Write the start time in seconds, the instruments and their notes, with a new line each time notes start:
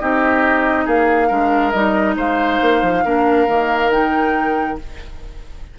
0.00 bassoon C4, clarinet D#4, oboe G4, flute D#5
0.86 bassoon A#3, oboe G#4, flute F5
1.28 bassoon G#3, clarinet D4, oboe A#4
1.71 bassoon G3, clarinet D#4, flute D#5
2.16 bassoon G#3, oboe C5, flute F5
2.62 bassoon A#3
2.83 bassoon F3
3.05 bassoon A#3, clarinet D4, oboe A#4
3.47 bassoon D#3, clarinet A#3
3.92 clarinet D#4, flute G5